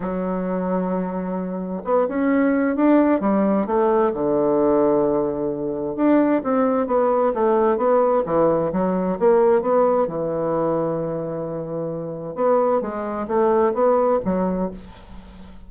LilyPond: \new Staff \with { instrumentName = "bassoon" } { \time 4/4 \tempo 4 = 131 fis1 | b8 cis'4. d'4 g4 | a4 d2.~ | d4 d'4 c'4 b4 |
a4 b4 e4 fis4 | ais4 b4 e2~ | e2. b4 | gis4 a4 b4 fis4 | }